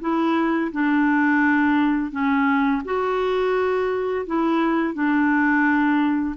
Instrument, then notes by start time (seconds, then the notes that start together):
clarinet
0.00 E4
0.72 D4
2.11 C#4
2.85 F#4
4.26 E4
4.93 D4